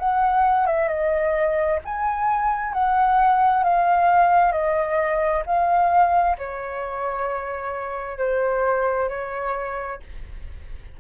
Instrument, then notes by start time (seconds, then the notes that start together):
flute
0.00 F#5
0.67 E5
0.89 D#5
1.85 G#5
2.74 F#5
3.64 F5
4.52 D#5
5.46 F5
6.38 C#5
8.18 C5
9.10 C#5